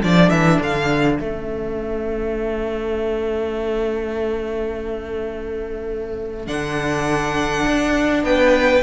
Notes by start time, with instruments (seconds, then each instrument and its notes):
0.00 cello F3, viola D4, violin A4 D5
0.30 cello E3, violin E5
0.60 cello D3, violin F5
1.19 cello A3, viola C#4, violin E5
6.47 cello D3, viola D4, violin F#5
7.67 cello D4
8.23 cello B3, violin B4 G5